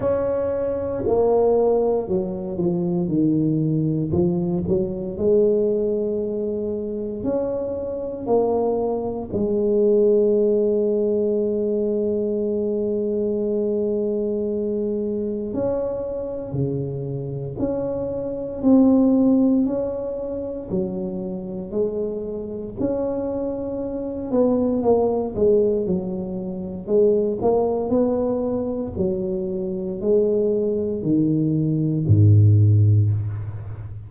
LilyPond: \new Staff \with { instrumentName = "tuba" } { \time 4/4 \tempo 4 = 58 cis'4 ais4 fis8 f8 dis4 | f8 fis8 gis2 cis'4 | ais4 gis2.~ | gis2. cis'4 |
cis4 cis'4 c'4 cis'4 | fis4 gis4 cis'4. b8 | ais8 gis8 fis4 gis8 ais8 b4 | fis4 gis4 dis4 gis,4 | }